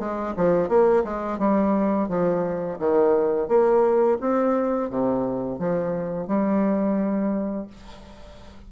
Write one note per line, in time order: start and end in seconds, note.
0.00 0.35 G#3
0.37 0.69 F3
0.69 1.04 A#3
1.04 1.39 G#3
1.39 2.09 G3
2.09 2.79 F3
2.79 3.49 D#3
3.49 4.18 A#3
4.21 4.90 C4
4.90 5.59 C3
5.59 6.28 F3
6.28 7.67 G3